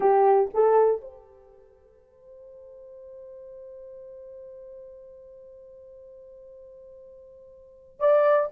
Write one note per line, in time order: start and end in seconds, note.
0.00 0.50 G4
0.54 1.01 A4
1.01 7.99 C5
7.99 8.49 D5